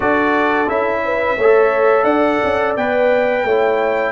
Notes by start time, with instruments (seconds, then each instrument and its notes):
0.00 tuba D4, trombone F#4, horn A4, trumpet D5
0.67 tuba C#4, trombone E4, trumpet E5
1.05 horn B4
1.37 tuba A3, trombone A4, horn C#5
2.03 tuba D4, horn D5, trumpet F#5
2.43 tuba C#4
2.76 tuba B3, trombone B4, trumpet G5
3.44 tuba A3, trombone E4, horn C#5